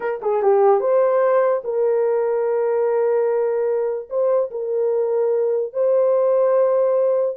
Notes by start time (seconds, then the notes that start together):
0.00 A#4
0.22 G#4
0.42 G4
0.80 C5
1.64 A#4
4.09 C5
4.50 A#4
5.73 C5